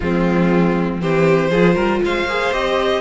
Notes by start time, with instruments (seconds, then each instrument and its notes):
0.00 cello F3, viola G#3, violin C4 F4
0.99 cello E3, viola C4, violin G4 C5
1.50 cello F3, viola F4, violin G#4
1.74 cello G3, violin A#4
2.03 cello G#3, violin C5 F5
2.25 cello A#3, viola G#4
2.52 cello C4, viola G4, violin D#5